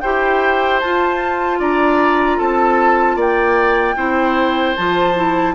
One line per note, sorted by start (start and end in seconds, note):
0.00 0.82 E4
0.00 0.82 G4
0.00 1.59 C5
0.00 0.79 G5
0.80 1.59 F4
0.80 3.96 F4
0.80 1.59 A5
1.59 2.38 D4
1.59 2.37 D5
1.59 2.39 A#5
2.37 3.15 C4
2.37 3.16 A4
2.37 3.18 A5
3.15 3.94 A#3
3.15 3.95 D5
3.15 4.76 G5
3.95 4.74 C4
3.95 4.75 E4
3.95 5.54 C5
4.76 5.55 F3
4.76 5.15 F4
4.76 5.55 A5
5.15 5.54 E4